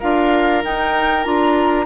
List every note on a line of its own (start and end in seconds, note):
0.00 0.64 D4
0.00 0.64 F4
0.00 1.86 A#4
0.00 0.63 F5
0.64 1.26 D#4
0.64 1.25 D#4
0.64 1.24 G5
1.24 1.86 D4
1.24 1.86 F4
1.24 1.86 A#5